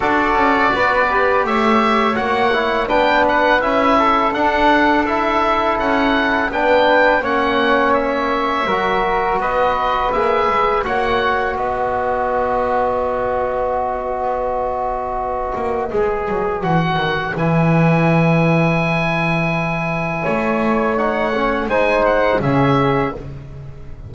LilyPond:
<<
  \new Staff \with { instrumentName = "oboe" } { \time 4/4 \tempo 4 = 83 d''2 e''4 fis''4 | g''8 fis''8 e''4 fis''4 e''4 | fis''4 g''4 fis''4 e''4~ | e''4 dis''4 e''4 fis''4 |
dis''1~ | dis''2. fis''4 | gis''1~ | gis''4 fis''4 gis''8 fis''8 e''4 | }
  \new Staff \with { instrumentName = "flute" } { \time 4/4 a'4 b'4 cis''2 | b'4. a'2~ a'8~ | a'4 b'4 cis''2 | ais'4 b'2 cis''4 |
b'1~ | b'1~ | b'1 | cis''2 c''4 gis'4 | }
  \new Staff \with { instrumentName = "trombone" } { \time 4/4 fis'4. g'4. fis'8 e'8 | d'4 e'4 d'4 e'4~ | e'4 d'4 cis'2 | fis'2 gis'4 fis'4~ |
fis'1~ | fis'2 gis'4 fis'4 | e'1~ | e'4 dis'8 cis'8 dis'4 cis'4 | }
  \new Staff \with { instrumentName = "double bass" } { \time 4/4 d'8 cis'8 b4 a4 ais4 | b4 cis'4 d'2 | cis'4 b4 ais2 | fis4 b4 ais8 gis8 ais4 |
b1~ | b4. ais8 gis8 fis8 e8 dis8 | e1 | a2 gis4 cis4 | }
>>